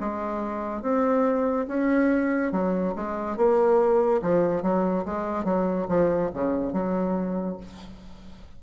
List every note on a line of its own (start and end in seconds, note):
0.00 0.82 G#3
0.82 1.66 C4
1.67 2.52 C#4
2.52 2.94 F#3
2.96 3.36 G#3
3.36 4.21 A#3
4.22 4.62 F3
4.62 5.05 F#3
5.05 5.45 G#3
5.45 5.87 F#3
5.88 6.30 F3
6.34 6.73 C#3
6.73 7.57 F#3